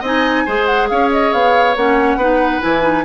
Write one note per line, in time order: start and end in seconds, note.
0.00 0.45 C4
0.00 0.47 D#4
0.00 0.43 D#5
0.06 0.66 G#5
0.46 0.91 G#3
0.46 1.77 G#4
0.46 0.89 C5
0.66 0.88 F#5
0.89 1.33 C#4
0.89 2.19 C#5
0.89 1.11 F5
1.12 1.33 D#5
1.33 1.76 B3
1.33 1.76 F5
1.76 2.17 A#3
1.76 2.20 C#4
1.76 2.62 F#5
2.17 2.60 B3
2.17 2.61 D#4
2.17 3.05 B4
2.61 3.05 E3
2.61 2.83 E4
2.61 3.05 G#5
2.83 3.04 D#4